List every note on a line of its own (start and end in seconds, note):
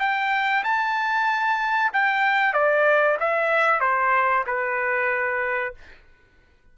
0.00 0.64 G5
0.64 1.92 A5
1.93 2.54 G5
2.54 3.18 D5
3.20 3.81 E5
3.81 4.44 C5
4.47 5.75 B4